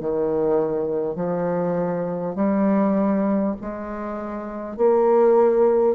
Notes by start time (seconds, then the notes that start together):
0.00 D#3
1.16 F3
2.35 G3
3.61 G#3
4.76 A#3